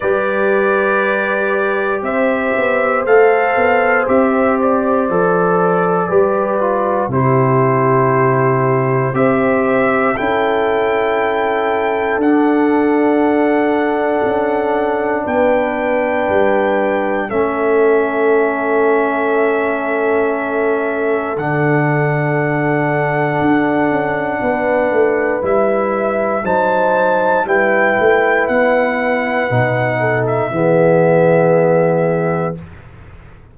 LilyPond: <<
  \new Staff \with { instrumentName = "trumpet" } { \time 4/4 \tempo 4 = 59 d''2 e''4 f''4 | e''8 d''2~ d''8 c''4~ | c''4 e''4 g''2 | fis''2. g''4~ |
g''4 e''2.~ | e''4 fis''2.~ | fis''4 e''4 a''4 g''4 | fis''4.~ fis''16 e''2~ e''16 | }
  \new Staff \with { instrumentName = "horn" } { \time 4/4 b'2 c''2~ | c''2 b'4 g'4~ | g'4 c''4 a'2~ | a'2. b'4~ |
b'4 a'2.~ | a'1 | b'2 c''4 b'4~ | b'4. a'8 gis'2 | }
  \new Staff \with { instrumentName = "trombone" } { \time 4/4 g'2. a'4 | g'4 a'4 g'8 f'8 e'4~ | e'4 g'4 e'2 | d'1~ |
d'4 cis'2.~ | cis'4 d'2.~ | d'4 e'4 dis'4 e'4~ | e'4 dis'4 b2 | }
  \new Staff \with { instrumentName = "tuba" } { \time 4/4 g2 c'8 b8 a8 b8 | c'4 f4 g4 c4~ | c4 c'4 cis'2 | d'2 cis'4 b4 |
g4 a2.~ | a4 d2 d'8 cis'8 | b8 a8 g4 fis4 g8 a8 | b4 b,4 e2 | }
>>